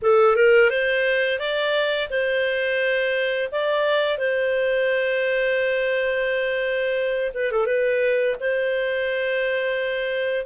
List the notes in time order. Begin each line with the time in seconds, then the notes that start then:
0.02 A4
0.36 A#4
0.69 C5
1.39 D5
2.09 C5
3.51 D5
4.18 C5
7.34 B4
7.51 A4
7.66 B4
8.40 C5